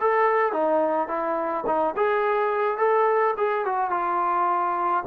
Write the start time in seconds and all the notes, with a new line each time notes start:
0.00 A4
0.52 D#4
1.08 E4
1.66 D#4
1.96 G#4
2.77 A4
3.37 G#4
3.65 F#4
3.90 F4